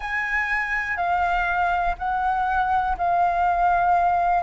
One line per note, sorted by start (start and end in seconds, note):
0.00 0.96 G#5
0.96 1.94 F5
1.98 2.96 F#5
2.97 4.43 F5